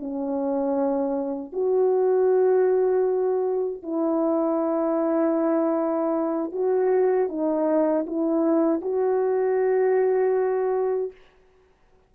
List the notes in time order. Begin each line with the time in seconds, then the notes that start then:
0.00 C#4
1.52 F#4
3.83 E4
6.52 F#4
7.29 D#4
8.07 E4
8.81 F#4